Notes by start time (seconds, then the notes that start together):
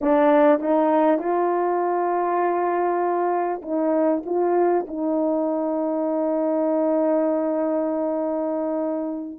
0.01 D4
0.60 D#4
1.18 F4
3.62 D#4
4.25 F4
4.87 D#4